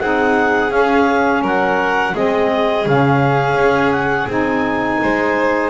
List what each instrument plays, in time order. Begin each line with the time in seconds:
0.00 double bass C4, saxophone D#4, violin G#4, clarinet F#5
0.69 saxophone C#4, double bass C#4, clarinet F5
1.42 double bass F#3, violin A#4, clarinet F#5
2.13 double bass G#3, saxophone C4, violin G#4, clarinet D#5
2.86 double bass C#3, saxophone C#4, clarinet F5
3.55 double bass C#4
3.92 clarinet F#5
4.28 double bass C4, saxophone D#4, clarinet G#5
5.02 double bass G#3, violin C5